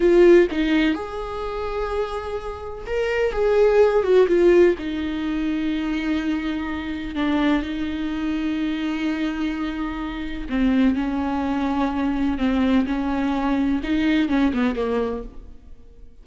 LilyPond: \new Staff \with { instrumentName = "viola" } { \time 4/4 \tempo 4 = 126 f'4 dis'4 gis'2~ | gis'2 ais'4 gis'4~ | gis'8 fis'8 f'4 dis'2~ | dis'2. d'4 |
dis'1~ | dis'2 c'4 cis'4~ | cis'2 c'4 cis'4~ | cis'4 dis'4 cis'8 b8 ais4 | }